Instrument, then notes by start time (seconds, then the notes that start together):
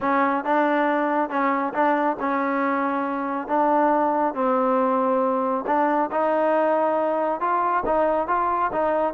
trombone
0.00 C#4
0.44 D4
1.29 C#4
1.73 D4
2.19 C#4
3.47 D4
4.34 C4
5.66 D4
6.11 D#4
7.40 F4
7.85 D#4
8.27 F4
8.72 D#4